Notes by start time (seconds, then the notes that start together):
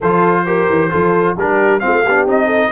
0.00 F3 F4 A4 C5
0.46 G4 A#4
0.69 E3
0.90 F3 F4 A4
1.37 G3 D4 G4 A#4
1.79 C4 F4 F5
1.86 A3
2.04 B3 D4 G4
2.25 C4 D#4 D#5
2.46 A4